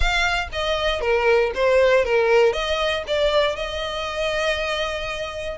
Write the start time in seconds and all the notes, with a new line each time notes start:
0.00 F5
0.52 D#5
1.00 A#4
1.54 C5
2.05 A#4
2.52 D#5
3.07 D5
3.56 D#5